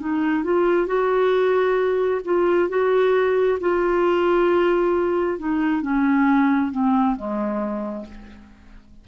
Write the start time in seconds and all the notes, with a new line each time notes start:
0.00 D#4
0.44 F4
0.87 F#4
2.25 F4
2.69 F#4
3.60 F4
5.39 D#4
5.82 C#4
6.71 C4
7.16 G#3